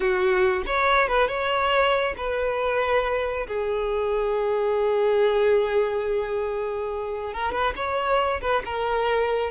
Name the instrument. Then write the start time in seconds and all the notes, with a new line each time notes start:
violin
0.00 F#4
0.66 C#5
1.07 B4
1.28 C#5
2.17 B4
3.47 G#4
7.33 A#4
7.52 B4
7.76 C#5
8.41 B4
8.65 A#4